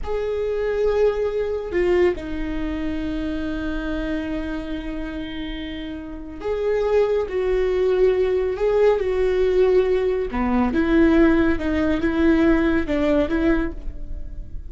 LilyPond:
\new Staff \with { instrumentName = "viola" } { \time 4/4 \tempo 4 = 140 gis'1 | f'4 dis'2.~ | dis'1~ | dis'2. gis'4~ |
gis'4 fis'2. | gis'4 fis'2. | b4 e'2 dis'4 | e'2 d'4 e'4 | }